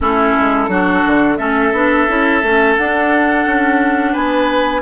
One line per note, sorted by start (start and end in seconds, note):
0.00 0.35 A3
0.00 0.69 C#4
0.00 0.70 E4
0.00 1.36 A4
0.39 0.68 G#3
0.68 1.02 F#3
0.68 1.37 D4
0.68 1.38 F#4
1.06 1.39 D3
1.36 1.72 A3
1.36 1.72 C#4
1.36 4.12 A4
1.36 2.74 E5
1.72 2.07 B3
1.72 2.08 D4
2.08 2.42 C#4
2.08 2.42 E4
2.42 2.76 A3
2.42 2.77 C#4
2.77 3.45 D4
2.77 4.82 D4
2.77 4.14 F#5
3.45 4.14 C#4
4.12 4.82 B3
4.12 4.81 B4
4.12 4.82 G#5